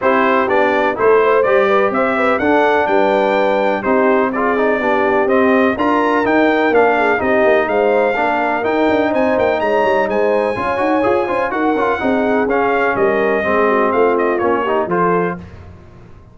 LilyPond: <<
  \new Staff \with { instrumentName = "trumpet" } { \time 4/4 \tempo 4 = 125 c''4 d''4 c''4 d''4 | e''4 fis''4 g''2 | c''4 d''2 dis''4 | ais''4 g''4 f''4 dis''4 |
f''2 g''4 gis''8 g''8 | ais''4 gis''2. | fis''2 f''4 dis''4~ | dis''4 f''8 dis''8 cis''4 c''4 | }
  \new Staff \with { instrumentName = "horn" } { \time 4/4 g'2 a'8 c''4 b'8 | c''8 b'8 a'4 b'2 | g'4 gis'4 g'2 | ais'2~ ais'8 gis'8 g'4 |
c''4 ais'2 c''4 | cis''4 c''4 cis''4. c''8 | ais'4 gis'2 ais'4 | gis'8 fis'8 f'4. g'8 a'4 | }
  \new Staff \with { instrumentName = "trombone" } { \time 4/4 e'4 d'4 e'4 g'4~ | g'4 d'2. | dis'4 f'8 dis'8 d'4 c'4 | f'4 dis'4 d'4 dis'4~ |
dis'4 d'4 dis'2~ | dis'2 f'8 fis'8 gis'8 f'8 | fis'8 f'8 dis'4 cis'2 | c'2 cis'8 dis'8 f'4 | }
  \new Staff \with { instrumentName = "tuba" } { \time 4/4 c'4 b4 a4 g4 | c'4 d'4 g2 | c'2 b4 c'4 | d'4 dis'4 ais4 c'8 ais8 |
gis4 ais4 dis'8 d'8 c'8 ais8 | gis8 g8 gis4 cis'8 dis'8 f'8 cis'8 | dis'8 cis'8 c'4 cis'4 g4 | gis4 a4 ais4 f4 | }
>>